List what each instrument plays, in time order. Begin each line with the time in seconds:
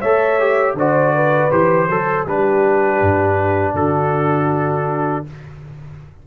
0.00 tuba A3, trombone A4, horn C#5, trumpet E5
0.39 trombone G4
0.73 tuba D3, trombone F#4, horn C5, trumpet D5
1.14 horn B4
1.51 tuba E3, trombone G4, trumpet C5
1.88 tuba F#3, horn A4, trombone A4
2.25 tuba G3, trombone D4, horn G4, trumpet B4
3.01 tuba G2
3.74 tuba D3, horn F#4, trumpet A4